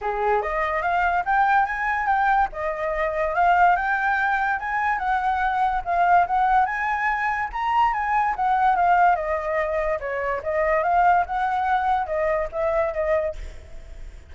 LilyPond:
\new Staff \with { instrumentName = "flute" } { \time 4/4 \tempo 4 = 144 gis'4 dis''4 f''4 g''4 | gis''4 g''4 dis''2 | f''4 g''2 gis''4 | fis''2 f''4 fis''4 |
gis''2 ais''4 gis''4 | fis''4 f''4 dis''2 | cis''4 dis''4 f''4 fis''4~ | fis''4 dis''4 e''4 dis''4 | }